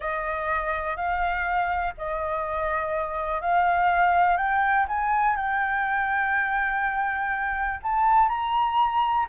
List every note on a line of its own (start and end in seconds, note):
0.00 0.96 D#5
0.96 1.93 F5
1.97 3.41 D#5
3.41 4.37 F5
4.37 4.86 G5
4.88 5.36 G#5
5.36 7.80 G5
7.82 8.28 A5
8.28 9.26 A#5